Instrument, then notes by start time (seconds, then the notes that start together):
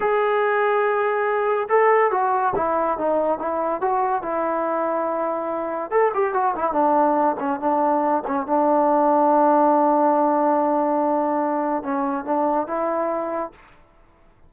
trombone
0.00 G#4
1.69 A4
2.11 F#4
2.55 E4
2.98 D#4
3.38 E4
3.81 F#4
4.22 E4
5.90 A4
6.14 G4
6.33 F#4
6.55 E4
6.72 D4
7.39 C#4
7.59 D4
8.27 C#4
8.46 D4
11.83 C#4
12.24 D4
12.67 E4